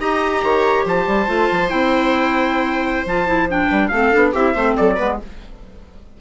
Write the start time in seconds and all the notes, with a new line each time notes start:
0.00 D#4 G4 D#5 A#5
0.43 D#3 C#5
0.85 F3 C5 A5
1.07 G3
1.27 A3 F4
1.52 F3
1.69 C4 E4 G5
3.06 F3 F4 A5
3.27 E4
3.49 D4 G5
3.67 G3 B4
3.89 A3 C4 A4 F5
4.12 B3 D4
4.33 C4 E4 G4 E5
4.54 A3 C4 C5
4.77 F#3 A4 D5
4.96 G#3 B3 B4